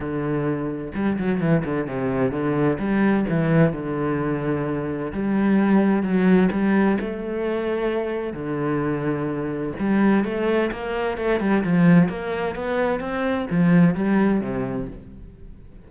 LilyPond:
\new Staff \with { instrumentName = "cello" } { \time 4/4 \tempo 4 = 129 d2 g8 fis8 e8 d8 | c4 d4 g4 e4 | d2. g4~ | g4 fis4 g4 a4~ |
a2 d2~ | d4 g4 a4 ais4 | a8 g8 f4 ais4 b4 | c'4 f4 g4 c4 | }